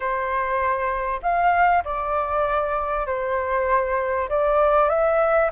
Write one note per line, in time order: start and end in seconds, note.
0.00 1.20 C5
1.22 1.83 F5
1.84 3.06 D5
3.06 4.29 C5
4.29 4.89 D5
4.89 5.50 E5